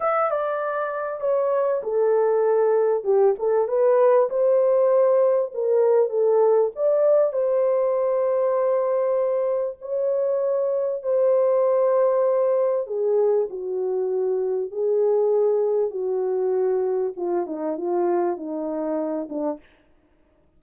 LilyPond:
\new Staff \with { instrumentName = "horn" } { \time 4/4 \tempo 4 = 98 e''8 d''4. cis''4 a'4~ | a'4 g'8 a'8 b'4 c''4~ | c''4 ais'4 a'4 d''4 | c''1 |
cis''2 c''2~ | c''4 gis'4 fis'2 | gis'2 fis'2 | f'8 dis'8 f'4 dis'4. d'8 | }